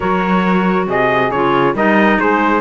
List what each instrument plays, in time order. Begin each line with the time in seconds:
0.00 cello F#3, clarinet F#4, saxophone A#4, trumpet C#5
0.86 cello C3, saxophone G#4, trumpet D#5
1.31 cello C#3, clarinet F4, trumpet C#5
1.74 cello G3, clarinet D#4, saxophone A#4, trumpet D#5
2.18 cello G#3, saxophone G#4, trumpet C5